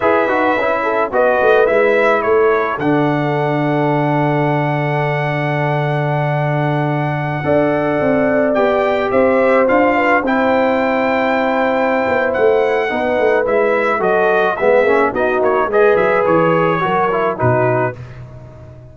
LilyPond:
<<
  \new Staff \with { instrumentName = "trumpet" } { \time 4/4 \tempo 4 = 107 e''2 dis''4 e''4 | cis''4 fis''2.~ | fis''1~ | fis''2.~ fis''16 g''8.~ |
g''16 e''4 f''4 g''4.~ g''16~ | g''2 fis''2 | e''4 dis''4 e''4 dis''8 cis''8 | dis''8 e''8 cis''2 b'4 | }
  \new Staff \with { instrumentName = "horn" } { \time 4/4 b'4. a'8 b'2 | a'1~ | a'1~ | a'4~ a'16 d''2~ d''8.~ |
d''16 c''4. b'8 c''4.~ c''16~ | c''2. b'4~ | b'4 a'4 gis'4 fis'4 | b'2 ais'4 fis'4 | }
  \new Staff \with { instrumentName = "trombone" } { \time 4/4 gis'8 fis'8 e'4 fis'4 e'4~ | e'4 d'2.~ | d'1~ | d'4~ d'16 a'2 g'8.~ |
g'4~ g'16 f'4 e'4.~ e'16~ | e'2. dis'4 | e'4 fis'4 b8 cis'8 dis'4 | gis'2 fis'8 e'8 dis'4 | }
  \new Staff \with { instrumentName = "tuba" } { \time 4/4 e'8 dis'8 cis'4 b8 a8 gis4 | a4 d2.~ | d1~ | d4~ d16 d'4 c'4 b8.~ |
b16 c'4 d'4 c'4.~ c'16~ | c'4. b8 a4 b8 a8 | gis4 fis4 gis8 ais8 b8 ais8 | gis8 fis8 e4 fis4 b,4 | }
>>